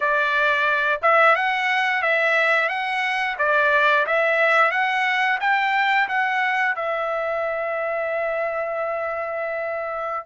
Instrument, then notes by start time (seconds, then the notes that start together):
trumpet
0.00 D5
1.01 E5
1.35 F#5
2.02 E5
2.68 F#5
3.38 D5
4.06 E5
4.71 F#5
5.40 G5
6.08 F#5
6.75 E5